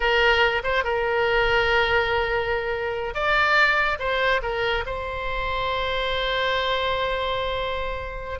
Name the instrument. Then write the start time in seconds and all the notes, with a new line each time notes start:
oboe
0.00 A#4
0.63 C5
0.84 A#4
3.14 D5
3.99 C5
4.42 A#4
4.86 C5